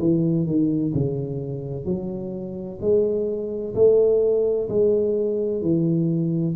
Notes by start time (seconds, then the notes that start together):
0.00 E3
0.47 D#3
0.95 C#3
1.85 F#3
2.81 G#3
3.75 A3
4.69 G#3
5.62 E3